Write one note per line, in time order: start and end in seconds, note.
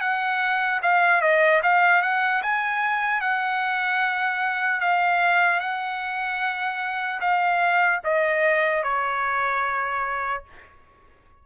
0.00 0.80 F#5
0.82 1.21 F5
1.21 1.61 D#5
1.63 2.02 F5
2.02 2.42 F#5
2.42 3.21 G#5
3.21 4.80 F#5
4.80 5.60 F5
5.60 7.20 F#5
7.20 8.00 F5
8.04 8.83 D#5
8.83 10.43 C#5